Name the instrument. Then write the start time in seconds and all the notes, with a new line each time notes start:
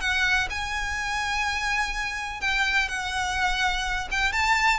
violin
0.00 F#5
0.50 G#5
2.41 G5
2.88 F#5
4.11 G5
4.32 A5